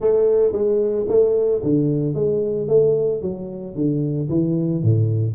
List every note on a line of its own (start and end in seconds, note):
0.00 0.52 A3
0.52 1.06 G#3
1.08 1.61 A3
1.63 2.14 D3
2.14 2.68 G#3
2.68 3.21 A3
3.21 3.75 F#3
3.75 4.29 D3
4.29 4.82 E3
4.83 5.34 A2